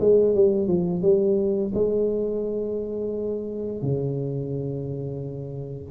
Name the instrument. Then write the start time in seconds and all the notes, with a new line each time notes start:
tuba
0.00 G#3
0.35 G3
0.68 F3
1.02 G3
1.74 G#3
3.82 C#3